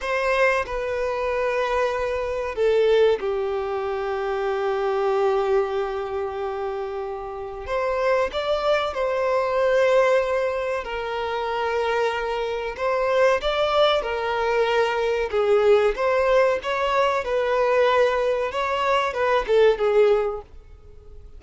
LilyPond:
\new Staff \with { instrumentName = "violin" } { \time 4/4 \tempo 4 = 94 c''4 b'2. | a'4 g'2.~ | g'1 | c''4 d''4 c''2~ |
c''4 ais'2. | c''4 d''4 ais'2 | gis'4 c''4 cis''4 b'4~ | b'4 cis''4 b'8 a'8 gis'4 | }